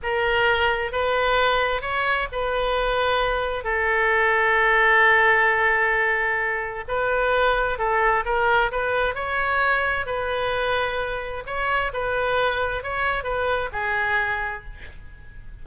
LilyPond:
\new Staff \with { instrumentName = "oboe" } { \time 4/4 \tempo 4 = 131 ais'2 b'2 | cis''4 b'2. | a'1~ | a'2. b'4~ |
b'4 a'4 ais'4 b'4 | cis''2 b'2~ | b'4 cis''4 b'2 | cis''4 b'4 gis'2 | }